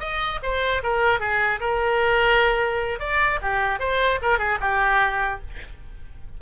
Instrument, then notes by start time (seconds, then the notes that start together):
oboe
0.00 D#5
0.43 C5
0.83 A#4
1.20 G#4
1.60 A#4
3.00 D5
3.42 G4
3.79 C5
4.22 A#4
4.39 G#4
4.61 G4